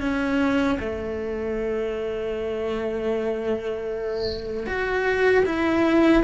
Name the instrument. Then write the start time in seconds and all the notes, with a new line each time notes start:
cello
0.00 C#4
0.79 A3
4.66 F#4
5.45 E4